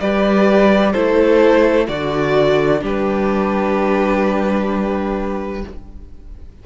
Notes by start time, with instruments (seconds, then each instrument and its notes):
0.00 cello G3, viola G4, violin B4 D5
0.92 cello A3, viola E4, violin A4 C5
1.87 cello D3, viola F#4, violin F#4 D5
2.79 cello G3, viola D4, violin G4
2.85 violin B4